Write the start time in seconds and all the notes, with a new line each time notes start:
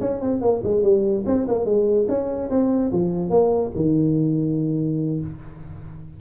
0.00 C#4
0.21 C4
0.41 A#3
0.63 G#3
0.83 G3
1.26 C4
1.48 A#3
1.65 G#3
2.08 C#4
2.50 C4
2.92 F3
3.30 A#3
3.76 D#3